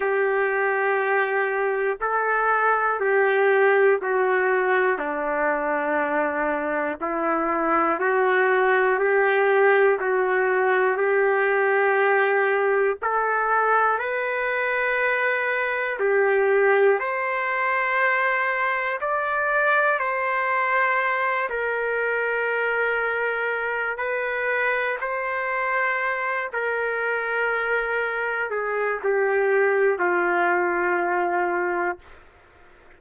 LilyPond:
\new Staff \with { instrumentName = "trumpet" } { \time 4/4 \tempo 4 = 60 g'2 a'4 g'4 | fis'4 d'2 e'4 | fis'4 g'4 fis'4 g'4~ | g'4 a'4 b'2 |
g'4 c''2 d''4 | c''4. ais'2~ ais'8 | b'4 c''4. ais'4.~ | ais'8 gis'8 g'4 f'2 | }